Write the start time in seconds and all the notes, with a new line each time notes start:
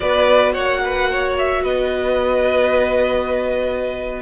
0.00 B3 F#4 B4 D5
0.53 A#3 C#5 F#5
0.84 B4
1.11 C#5
1.38 E5
1.63 B3 B4 D#5